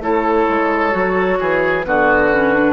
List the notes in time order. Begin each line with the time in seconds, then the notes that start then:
0.00 A3 E4 A4 C#5
0.49 G#3
0.91 F#3 F#4
1.40 E3 G#4
1.84 D3 B3 F#4 B4
2.33 C#4
2.54 D4